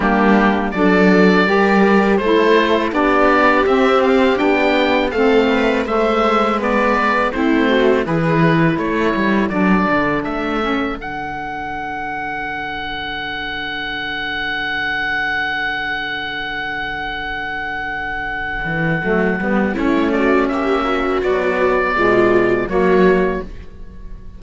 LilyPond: <<
  \new Staff \with { instrumentName = "oboe" } { \time 4/4 \tempo 4 = 82 g'4 d''2 c''4 | d''4 e''8 f''8 g''4 f''4 | e''4 d''4 c''4 b'4 | cis''4 d''4 e''4 fis''4~ |
fis''1~ | fis''1~ | fis''2. cis''8 d''8 | e''4 d''2 cis''4 | }
  \new Staff \with { instrumentName = "viola" } { \time 4/4 d'4 a'4 ais'4 a'4 | g'2. a'8 b'8 | c''4 b'4 e'8 fis'8 gis'4 | a'1~ |
a'1~ | a'1~ | a'2. e'8 fis'8 | g'8 fis'4. f'4 fis'4 | }
  \new Staff \with { instrumentName = "saxophone" } { \time 4/4 ais4 d'4 g'4 e'4 | d'4 c'4 d'4 c'4 | a4 b4 c'4 e'4~ | e'4 d'4. cis'8 d'4~ |
d'1~ | d'1~ | d'2 a8 b8 cis'4~ | cis'4 fis4 gis4 ais4 | }
  \new Staff \with { instrumentName = "cello" } { \time 4/4 g4 fis4 g4 a4 | b4 c'4 b4 a4 | gis2 a4 e4 | a8 g8 fis8 d8 a4 d4~ |
d1~ | d1~ | d4. e8 fis8 g8 a4 | ais4 b4 b,4 fis4 | }
>>